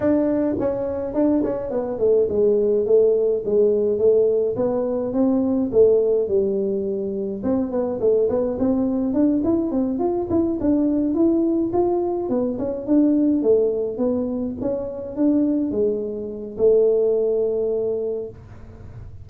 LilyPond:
\new Staff \with { instrumentName = "tuba" } { \time 4/4 \tempo 4 = 105 d'4 cis'4 d'8 cis'8 b8 a8 | gis4 a4 gis4 a4 | b4 c'4 a4 g4~ | g4 c'8 b8 a8 b8 c'4 |
d'8 e'8 c'8 f'8 e'8 d'4 e'8~ | e'8 f'4 b8 cis'8 d'4 a8~ | a8 b4 cis'4 d'4 gis8~ | gis4 a2. | }